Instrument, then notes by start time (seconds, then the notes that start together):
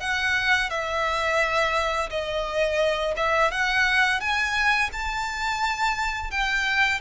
violin
0.00 F#5
0.70 E5
2.10 D#5
3.16 E5
3.51 F#5
4.20 G#5
4.92 A5
6.30 G5